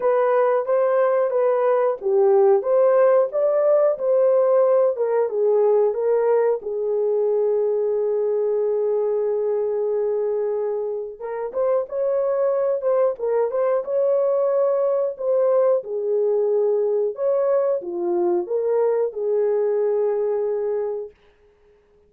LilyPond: \new Staff \with { instrumentName = "horn" } { \time 4/4 \tempo 4 = 91 b'4 c''4 b'4 g'4 | c''4 d''4 c''4. ais'8 | gis'4 ais'4 gis'2~ | gis'1~ |
gis'4 ais'8 c''8 cis''4. c''8 | ais'8 c''8 cis''2 c''4 | gis'2 cis''4 f'4 | ais'4 gis'2. | }